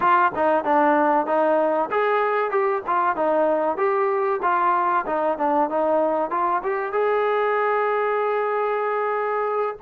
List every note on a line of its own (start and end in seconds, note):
0.00 0.32 F4
0.35 0.64 D#4
0.64 1.26 D4
1.26 1.89 D#4
1.90 2.51 G#4
2.51 2.82 G4
2.87 3.16 F4
3.16 3.77 D#4
3.77 4.40 G4
4.42 5.05 F4
5.06 5.37 D#4
5.37 5.69 D4
5.69 6.30 D#4
6.30 6.61 F4
6.63 6.92 G4
6.92 9.76 G#4